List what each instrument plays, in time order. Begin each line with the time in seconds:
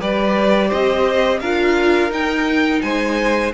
0.00 cello G3, viola G4, violin B4 D5
0.68 cello C4, violin C5 D#5
1.40 cello D4, viola F4, violin A#4 F5
2.10 cello D#4, viola D#4, violin G5
2.81 cello G#3, violin C5 G#5